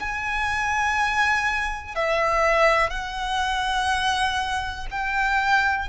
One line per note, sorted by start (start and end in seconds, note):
0.00 1.95 G#5
1.95 2.91 E5
2.91 4.87 F#5
4.91 5.89 G5